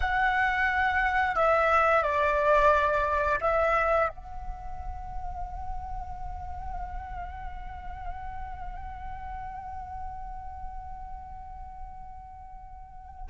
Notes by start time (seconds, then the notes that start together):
0.00 F#5
1.35 E5
2.02 D5
3.41 E5
4.08 F#5